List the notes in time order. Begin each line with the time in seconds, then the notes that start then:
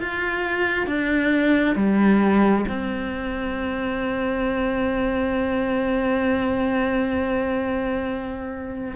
0.00 F4
0.87 D4
1.76 G3
2.69 C4